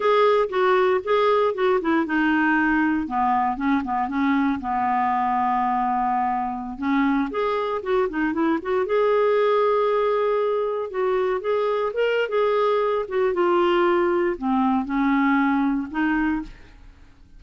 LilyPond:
\new Staff \with { instrumentName = "clarinet" } { \time 4/4 \tempo 4 = 117 gis'4 fis'4 gis'4 fis'8 e'8 | dis'2 b4 cis'8 b8 | cis'4 b2.~ | b4~ b16 cis'4 gis'4 fis'8 dis'16~ |
dis'16 e'8 fis'8 gis'2~ gis'8.~ | gis'4~ gis'16 fis'4 gis'4 ais'8. | gis'4. fis'8 f'2 | c'4 cis'2 dis'4 | }